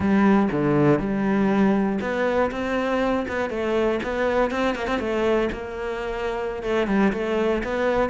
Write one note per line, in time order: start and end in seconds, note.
0.00 0.49 G3
0.51 0.99 D3
0.99 1.99 G3
2.00 2.50 B3
2.51 3.26 C4
3.28 3.50 B3
3.50 4.00 A3
4.03 4.50 B3
4.50 4.75 C4
4.75 4.87 A#3
4.87 4.99 C4
4.99 5.49 A3
5.52 6.62 A#3
6.62 6.87 A3
6.87 7.12 G3
7.12 7.62 A3
7.63 8.09 B3